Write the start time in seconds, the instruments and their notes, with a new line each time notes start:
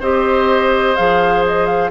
0.00 bassoon C4, clarinet G4, oboe C5, flute D#5
0.96 bassoon F3, clarinet G#4, flute F5
1.46 flute D#5
1.66 flute F5